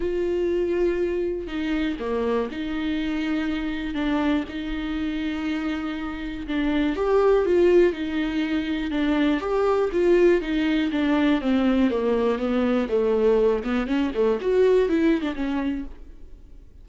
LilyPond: \new Staff \with { instrumentName = "viola" } { \time 4/4 \tempo 4 = 121 f'2. dis'4 | ais4 dis'2. | d'4 dis'2.~ | dis'4 d'4 g'4 f'4 |
dis'2 d'4 g'4 | f'4 dis'4 d'4 c'4 | ais4 b4 a4. b8 | cis'8 a8 fis'4 e'8. d'16 cis'4 | }